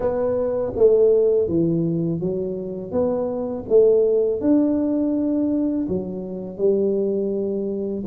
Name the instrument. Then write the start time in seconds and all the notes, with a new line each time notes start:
tuba
0.00 B3
0.75 A3
1.48 E3
2.20 F#3
2.91 B3
3.69 A3
4.40 D4
5.88 F#3
6.57 G3